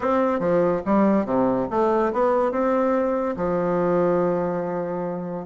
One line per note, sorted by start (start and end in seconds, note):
0.00 0.39 C4
0.39 0.81 F3
0.85 1.25 G3
1.25 1.67 C3
1.70 2.12 A3
2.12 2.51 B3
2.51 3.35 C4
3.36 5.45 F3